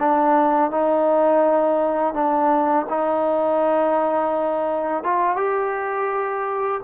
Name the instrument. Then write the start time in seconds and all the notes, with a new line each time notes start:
trombone
0.00 D4
0.71 D#4
2.14 D4
2.89 D#4
5.04 F4
5.37 G4